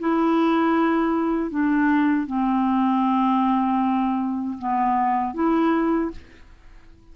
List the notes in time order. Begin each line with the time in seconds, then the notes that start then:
0.00 E4
1.51 D4
2.27 C4
4.59 B3
5.34 E4